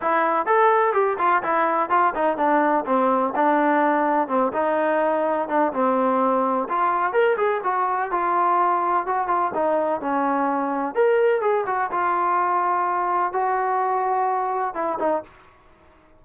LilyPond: \new Staff \with { instrumentName = "trombone" } { \time 4/4 \tempo 4 = 126 e'4 a'4 g'8 f'8 e'4 | f'8 dis'8 d'4 c'4 d'4~ | d'4 c'8 dis'2 d'8 | c'2 f'4 ais'8 gis'8 |
fis'4 f'2 fis'8 f'8 | dis'4 cis'2 ais'4 | gis'8 fis'8 f'2. | fis'2. e'8 dis'8 | }